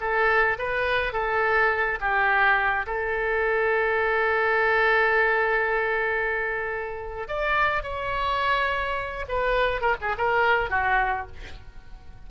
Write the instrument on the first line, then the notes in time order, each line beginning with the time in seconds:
oboe
0.00 A4
0.58 B4
1.12 A4
2.00 G4
2.86 A4
7.28 D5
7.82 C#5
9.28 B4
9.81 A#4
10.01 G#4
10.17 A#4
10.69 F#4